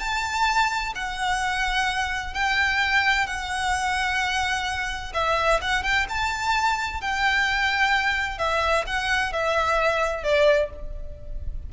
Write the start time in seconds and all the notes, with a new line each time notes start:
0.00 A5
0.95 F#5
2.34 G5
3.27 F#5
5.14 E5
5.62 F#5
5.83 G5
6.09 A5
7.01 G5
8.38 E5
8.87 F#5
9.33 E5
10.23 D5